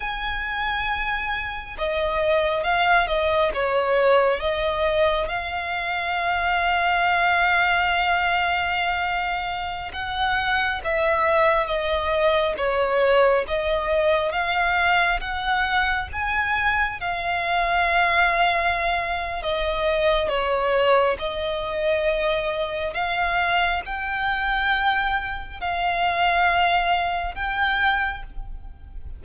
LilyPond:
\new Staff \with { instrumentName = "violin" } { \time 4/4 \tempo 4 = 68 gis''2 dis''4 f''8 dis''8 | cis''4 dis''4 f''2~ | f''2.~ f''16 fis''8.~ | fis''16 e''4 dis''4 cis''4 dis''8.~ |
dis''16 f''4 fis''4 gis''4 f''8.~ | f''2 dis''4 cis''4 | dis''2 f''4 g''4~ | g''4 f''2 g''4 | }